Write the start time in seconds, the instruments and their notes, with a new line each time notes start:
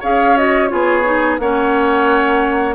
0.00 bassoon C#4, clarinet G#4, oboe C#5, flute F5
0.37 clarinet F#4, flute D#5
0.67 bassoon B3, clarinet F4, oboe G#4, flute C#5
1.04 clarinet D#4
1.39 bassoon A#3, clarinet C#4, oboe C#5, flute F#5